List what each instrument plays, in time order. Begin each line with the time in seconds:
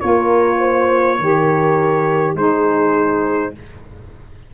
0.00 tuba A#3, saxophone F4, horn A#4, trumpet C#5
0.59 horn C5
1.19 tuba D#3, saxophone G4, horn A#4
2.34 tuba G#3, saxophone D#4, horn G#4, trumpet C5